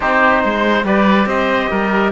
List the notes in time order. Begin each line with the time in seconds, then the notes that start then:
0.00 C4 D#4 G4 C5
0.44 G#3 C5
0.83 G3 G4 B4 D5
1.26 C4 C5 D#5
1.70 G3 A#4